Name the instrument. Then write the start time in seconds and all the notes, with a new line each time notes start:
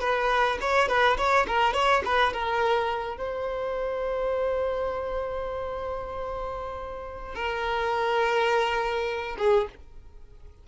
violin
0.00 B4
0.61 C#5
0.88 B4
1.17 C#5
1.47 A#4
1.73 C#5
2.04 B4
2.33 A#4
3.17 C5
7.35 A#4
9.38 G#4